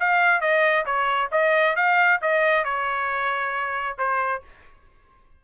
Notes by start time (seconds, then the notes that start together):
0.00 F5
0.41 D#5
0.86 C#5
1.32 D#5
1.76 F5
2.22 D#5
2.65 C#5
3.98 C5